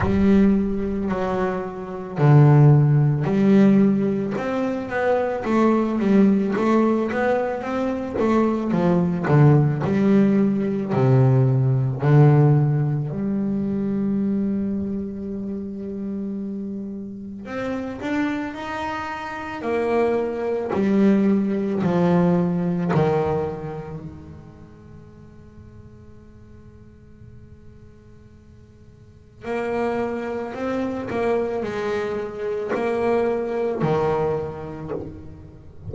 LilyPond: \new Staff \with { instrumentName = "double bass" } { \time 4/4 \tempo 4 = 55 g4 fis4 d4 g4 | c'8 b8 a8 g8 a8 b8 c'8 a8 | f8 d8 g4 c4 d4 | g1 |
c'8 d'8 dis'4 ais4 g4 | f4 dis4 gis2~ | gis2. ais4 | c'8 ais8 gis4 ais4 dis4 | }